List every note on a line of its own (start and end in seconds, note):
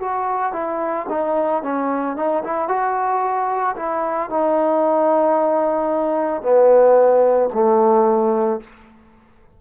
0.00 0.53 F#4
0.53 1.06 E4
1.09 1.63 D#4
1.63 2.16 C#4
2.16 2.43 D#4
2.44 2.68 E4
2.68 3.75 F#4
3.76 4.30 E4
4.30 6.42 D#4
6.42 7.50 B3
7.54 8.61 A3